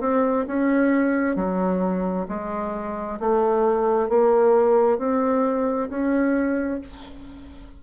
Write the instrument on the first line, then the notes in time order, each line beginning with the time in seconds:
bassoon
0.00 C4
0.47 C#4
1.36 F#3
2.28 G#3
3.19 A3
4.09 A#3
4.98 C4
5.89 C#4